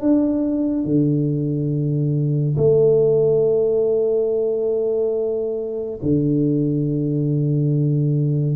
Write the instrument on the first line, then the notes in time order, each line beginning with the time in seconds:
tuba
0.00 D4
0.84 D3
2.57 A3
6.02 D3